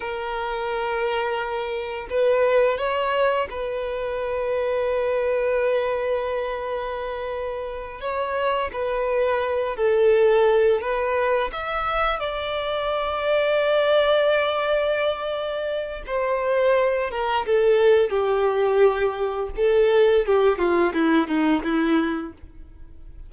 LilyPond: \new Staff \with { instrumentName = "violin" } { \time 4/4 \tempo 4 = 86 ais'2. b'4 | cis''4 b'2.~ | b'2.~ b'8 cis''8~ | cis''8 b'4. a'4. b'8~ |
b'8 e''4 d''2~ d''8~ | d''2. c''4~ | c''8 ais'8 a'4 g'2 | a'4 g'8 f'8 e'8 dis'8 e'4 | }